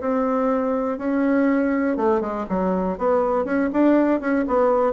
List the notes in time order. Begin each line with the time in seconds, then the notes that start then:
0.00 C4
0.98 C#4
1.97 A3
2.20 G#3
2.49 F#3
2.98 B3
3.45 C#4
3.73 D4
4.20 C#4
4.47 B3